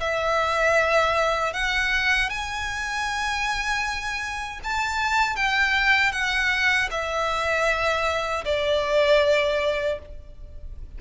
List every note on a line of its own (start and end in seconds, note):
0.00 1.53 E5
1.53 2.29 F#5
2.29 4.60 G#5
4.64 5.36 A5
5.36 6.12 G5
6.12 6.89 F#5
6.91 8.44 E5
8.45 9.99 D5